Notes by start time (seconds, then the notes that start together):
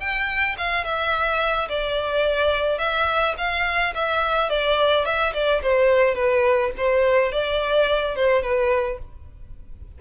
0.00 G5
0.58 F5
0.84 E5
1.68 D5
2.79 E5
3.37 F5
3.95 E5
4.49 D5
5.05 E5
5.33 D5
5.62 C5
6.15 B4
6.77 C5
7.32 D5
8.16 C5
8.42 B4